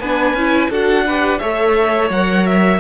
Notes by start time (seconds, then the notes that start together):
0.00 B3 D4 B4 G#5
0.33 C#4 E4
0.70 D4 F#4 A4 F#5
1.06 G4 B4
1.39 A3 A4 C#5 E5
2.09 F#3 A#4 F#5
2.46 E5